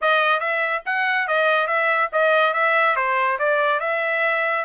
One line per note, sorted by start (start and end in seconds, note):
0.01 0.40 D#5
0.40 0.82 E5
0.85 1.27 F#5
1.27 1.67 D#5
1.67 2.09 E5
2.12 2.53 D#5
2.53 2.95 E5
2.96 3.38 C5
3.38 3.80 D5
3.80 4.64 E5